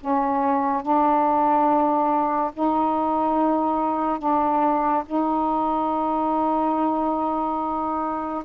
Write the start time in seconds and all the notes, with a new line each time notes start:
0.00 C#4
0.82 D4
2.54 D#4
4.18 D4
5.06 D#4